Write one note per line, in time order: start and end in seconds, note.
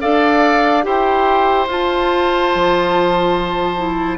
0.00 0.86 D4
0.00 0.83 A4
0.00 0.84 D5
0.00 0.83 F5
0.83 1.67 E4
0.83 1.66 G4
0.83 4.18 C5
0.83 1.67 G5
1.67 2.50 F4
1.67 3.76 F4
1.67 4.18 A5
2.55 4.18 F3
3.76 4.18 E4